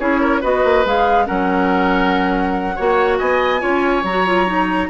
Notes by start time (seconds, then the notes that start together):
0.00 C#4 E4 G#4 C#5
0.21 A#4
0.41 B3 F#4 B4 D#5
0.64 A#3
0.86 G#3 G#4 F5
1.26 F#3 C#4 A#4 F#5
2.76 A#3 F#4 C#5
3.19 B3 D#5 G#5
3.60 C#4 F4 C#5
4.04 F#3 F#4 A#5
4.27 F4
4.47 D#4